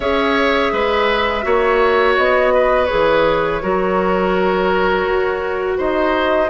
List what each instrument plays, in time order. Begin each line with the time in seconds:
0.00 bassoon C#4, clarinet G#4, oboe C#5, flute E5
0.72 bassoon G#3, oboe B4
1.42 bassoon A#3, clarinet F#4, oboe C#5
2.17 bassoon B3, flute D#5
2.53 oboe B4
2.85 clarinet G#4, flute C#5
2.91 bassoon E3
3.61 bassoon F#3, clarinet F#4, oboe A#4
5.06 bassoon F#4
5.77 bassoon D#4, oboe C5, flute D#5